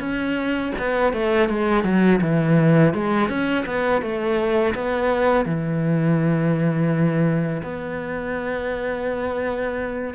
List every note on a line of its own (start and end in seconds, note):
0.00 0.72 C#4
0.79 1.13 B3
1.13 1.49 A3
1.49 1.84 G#3
1.84 2.20 F#3
2.21 2.93 E3
2.94 3.29 G#3
3.29 3.65 C#4
3.66 4.02 B3
4.02 4.74 A3
4.74 5.45 B3
5.45 7.62 E3
7.63 10.14 B3